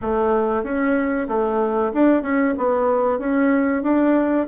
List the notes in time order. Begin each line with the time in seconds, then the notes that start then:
0.01 A3
0.63 C#4
1.28 A3
1.93 D4
2.22 C#4
2.57 B3
3.19 C#4
3.82 D4